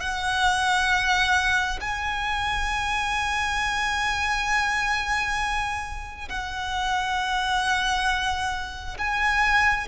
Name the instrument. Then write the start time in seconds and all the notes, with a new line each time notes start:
violin
0.00 F#5
1.81 G#5
6.29 F#5
8.98 G#5